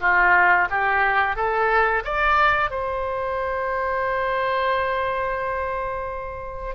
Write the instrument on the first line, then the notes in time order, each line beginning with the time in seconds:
oboe
0.00 F4
0.70 G4
1.35 A4
2.04 D5
2.70 C5